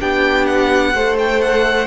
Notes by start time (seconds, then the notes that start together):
0.00 B3 D4 G4 G5
0.46 F#5
0.94 A3 A4 C5
1.19 G5
1.42 F#5